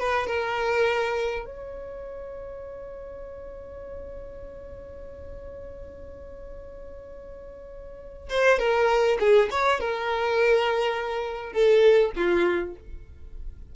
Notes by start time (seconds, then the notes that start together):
0.00 B4
0.27 A#4
1.46 C#5
8.30 C5
8.59 A#4
9.20 G#4
9.51 C#5
9.80 A#4
11.53 A4
12.16 F4